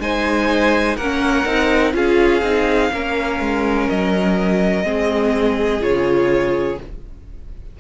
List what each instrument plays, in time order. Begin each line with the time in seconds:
0.00 cello G#3, viola D#4, violin C5 G#5
0.97 cello A#3, violin A#4 F#5
1.03 viola C#4
1.46 cello C4, viola D#4
1.93 cello C#4, viola F4, violin G#4 F5
2.42 cello C4, viola D#4
2.93 cello A#3, viola C#4, violin A#4
3.40 cello G#3
3.90 cello F#3, violin D#5
4.84 cello G#3, viola C4, violin G#4
5.81 cello C#3, viola F4, violin C#5